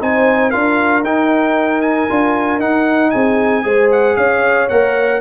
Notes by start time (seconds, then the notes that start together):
0.00 C4 D#4 C5 G#5
0.50 D4 F4 A#4 F5
1.03 D#4 G5
1.81 G#5
2.09 D4 F4
2.59 D#4 F#5
3.10 C4 G#4 G#5
3.63 G#3 G#4 C5
3.92 F#5
4.16 C#4 C#5 F5
4.69 A#3 A#4 F#5